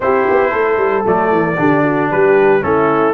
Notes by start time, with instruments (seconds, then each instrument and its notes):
0.00 tuba C4, trombone E4, horn G4, trumpet C5
0.29 tuba B3
0.50 tuba A3, horn A4
0.77 tuba G3
1.04 tuba F#3, trombone A3, trumpet D5
1.31 tuba E3
1.57 tuba D3, trombone D4, horn G4
1.83 horn F#4
2.10 tuba G3, horn G4, trumpet B4
2.61 tuba A3, trombone C#4, horn E4, trumpet A4